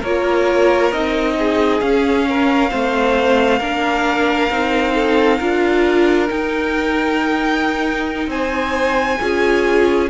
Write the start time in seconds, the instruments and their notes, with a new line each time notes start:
0.00 cello A#3, viola F4, violin A#4 C#5
0.92 cello C4, viola D#4, violin D#5
1.39 violin G#4
1.81 viola C#4, cello C#4, violin F5
2.29 violin A#4
2.70 cello A3, viola C4, violin C5
3.60 cello A#3, viola D4, violin A#4
4.51 cello C4, viola D#4
4.95 violin A4
5.39 cello D4, viola F4, violin A#4
6.27 viola D#4, cello D#4, violin G5
8.27 cello C4, violin C5 G#5
9.21 cello C#4, viola F4, violin G#4